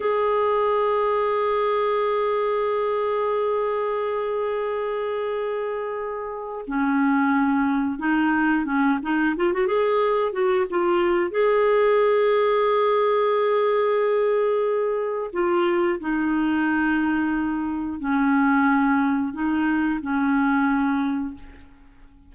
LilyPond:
\new Staff \with { instrumentName = "clarinet" } { \time 4/4 \tempo 4 = 90 gis'1~ | gis'1~ | gis'2 cis'2 | dis'4 cis'8 dis'8 f'16 fis'16 gis'4 fis'8 |
f'4 gis'2.~ | gis'2. f'4 | dis'2. cis'4~ | cis'4 dis'4 cis'2 | }